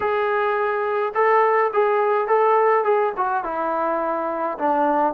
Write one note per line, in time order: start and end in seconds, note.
0.00 1.13 G#4
1.14 1.71 A4
1.73 2.27 G#4
2.27 2.84 A4
2.84 3.12 G#4
3.16 3.43 F#4
3.43 4.58 E4
4.58 5.13 D4